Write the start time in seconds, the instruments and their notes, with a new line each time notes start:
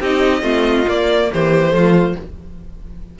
0.00 cello C4, viola D#4, violin G4 D#5
0.41 cello A3, viola C4, violin F4
0.86 viola A#3, cello A#3, violin D5
1.32 cello E3, violin G4 C5
1.70 cello F3, viola A3, violin F4